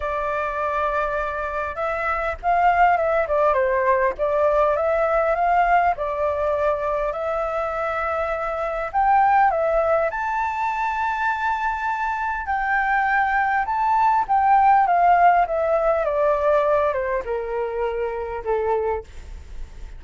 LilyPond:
\new Staff \with { instrumentName = "flute" } { \time 4/4 \tempo 4 = 101 d''2. e''4 | f''4 e''8 d''8 c''4 d''4 | e''4 f''4 d''2 | e''2. g''4 |
e''4 a''2.~ | a''4 g''2 a''4 | g''4 f''4 e''4 d''4~ | d''8 c''8 ais'2 a'4 | }